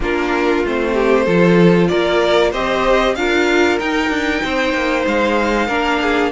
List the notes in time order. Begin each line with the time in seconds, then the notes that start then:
0.00 A#3 D4 F4 A#4
0.64 A3 C4 C5
0.93 G4
1.24 F3 F4 A4
1.88 A#3 A#4 D5
2.51 C4 G4 C5 D#5
3.15 D4 F4 A#4 F5
3.79 D#4 G5
4.09 D4
4.43 C4 C5
4.73 A#3
5.06 G#3 F5
5.67 A#3 D4 A#4
6.01 G#4